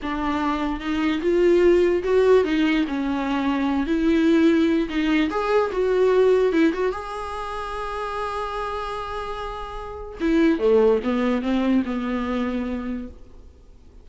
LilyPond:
\new Staff \with { instrumentName = "viola" } { \time 4/4 \tempo 4 = 147 d'2 dis'4 f'4~ | f'4 fis'4 dis'4 cis'4~ | cis'4. e'2~ e'8 | dis'4 gis'4 fis'2 |
e'8 fis'8 gis'2.~ | gis'1~ | gis'4 e'4 a4 b4 | c'4 b2. | }